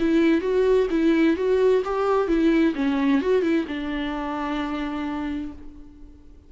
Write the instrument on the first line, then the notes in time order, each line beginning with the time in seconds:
viola
0.00 E4
0.42 F#4
0.91 E4
1.37 F#4
1.85 G4
2.28 E4
2.76 C#4
3.22 F#4
3.43 E4
3.68 D4